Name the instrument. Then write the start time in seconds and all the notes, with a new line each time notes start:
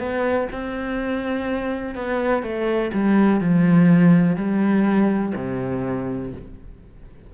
cello
0.00 B3
0.53 C4
1.96 B3
2.43 A3
2.94 G3
3.41 F3
4.37 G3
5.36 C3